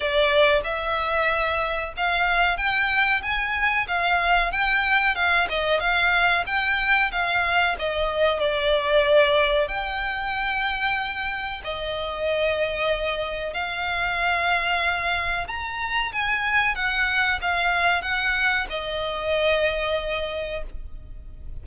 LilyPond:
\new Staff \with { instrumentName = "violin" } { \time 4/4 \tempo 4 = 93 d''4 e''2 f''4 | g''4 gis''4 f''4 g''4 | f''8 dis''8 f''4 g''4 f''4 | dis''4 d''2 g''4~ |
g''2 dis''2~ | dis''4 f''2. | ais''4 gis''4 fis''4 f''4 | fis''4 dis''2. | }